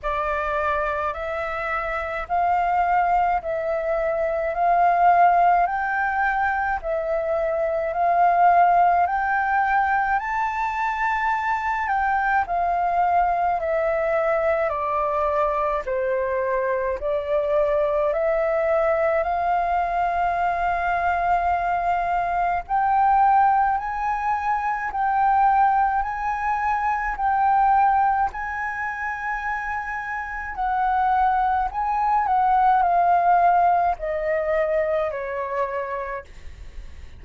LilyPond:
\new Staff \with { instrumentName = "flute" } { \time 4/4 \tempo 4 = 53 d''4 e''4 f''4 e''4 | f''4 g''4 e''4 f''4 | g''4 a''4. g''8 f''4 | e''4 d''4 c''4 d''4 |
e''4 f''2. | g''4 gis''4 g''4 gis''4 | g''4 gis''2 fis''4 | gis''8 fis''8 f''4 dis''4 cis''4 | }